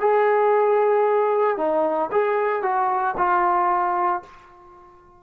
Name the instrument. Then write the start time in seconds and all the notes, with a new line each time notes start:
trombone
0.00 G#4
1.57 D#4
2.12 G#4
2.63 F#4
3.17 F4